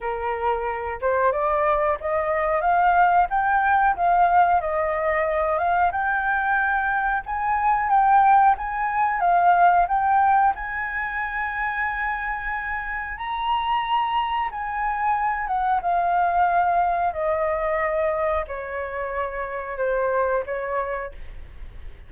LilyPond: \new Staff \with { instrumentName = "flute" } { \time 4/4 \tempo 4 = 91 ais'4. c''8 d''4 dis''4 | f''4 g''4 f''4 dis''4~ | dis''8 f''8 g''2 gis''4 | g''4 gis''4 f''4 g''4 |
gis''1 | ais''2 gis''4. fis''8 | f''2 dis''2 | cis''2 c''4 cis''4 | }